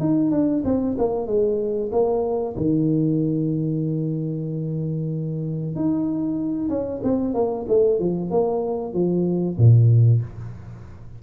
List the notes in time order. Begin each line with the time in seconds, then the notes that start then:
0.00 D#4
0.31 D4
0.65 C4
0.98 A#3
1.27 G#3
1.92 A#3
2.57 D#3
5.75 D#4
6.69 C#4
7.03 C4
7.34 A#3
7.68 A3
8.00 F3
8.31 A#3
8.94 F3
9.58 A#2